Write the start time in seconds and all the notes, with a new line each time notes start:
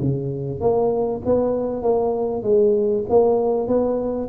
0.00 C#3
0.60 A#3
1.25 B3
1.82 A#3
2.43 G#3
3.09 A#3
3.68 B3